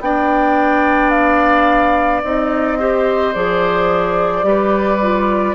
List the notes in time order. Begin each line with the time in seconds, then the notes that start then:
0.00 B3 D4 D5 G5
1.09 F5
2.23 C4 D#4 D#5
2.78 G4 C5
3.34 F3 G#4 D5
4.42 G3 G4 B4
5.01 F4